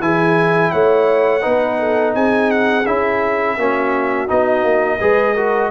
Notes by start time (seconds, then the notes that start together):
0.00 E3 E4 G#4 G#5
0.71 A3 C#5 F#5
1.41 B3 D#4 B4
1.79 A4
2.14 C4 G#4 G#5
2.51 F#5
2.86 C#4 E4 E5
3.57 A#3 C#4 F#4
4.28 B3 D#4 D#5
4.63 A#3
4.99 G#3 G#4 B4
5.34 F#4 A#4